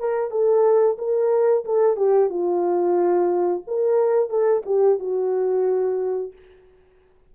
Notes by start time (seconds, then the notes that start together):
0.00 A#4
0.31 A4
0.98 A#4
1.65 A4
1.97 G4
2.30 F4
3.67 A#4
4.30 A4
4.66 G4
4.99 F#4